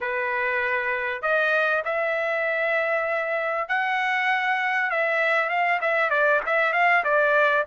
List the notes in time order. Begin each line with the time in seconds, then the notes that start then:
0.00 B4
1.21 D#5
1.85 E5
3.68 F#5
4.90 E5
5.49 F5
5.81 E5
6.10 D5
6.46 E5
6.73 F5
7.04 D5